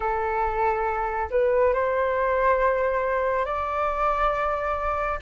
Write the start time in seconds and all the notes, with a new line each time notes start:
0.00 A4
1.30 B4
1.73 C5
3.45 D5